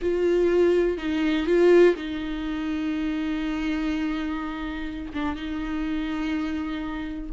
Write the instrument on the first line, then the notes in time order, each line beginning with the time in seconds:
viola
0.01 F4
0.97 D#4
1.46 F4
1.95 D#4
5.13 D4
5.35 D#4